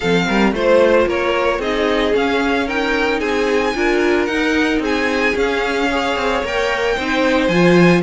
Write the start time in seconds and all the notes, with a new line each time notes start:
0.00 F3 C4 A4 F5
0.27 G3 A#4
0.52 A3 F4 C5
1.06 A#3 A#4 C#5
1.58 C4 D#4 G#4 D#5
2.12 C#4 F5
2.66 D#4 A#4 G5
3.20 C4 G#4 G#5
3.74 D4 F4 A#4
4.25 D#4 F#5
4.79 C4 G#4 G#5
5.34 C#4 F5
5.90 G#4 C#5
6.16 C4
6.43 A#3 A#4 G5
6.95 C4 D#4 C5
7.47 F3 F4 G#5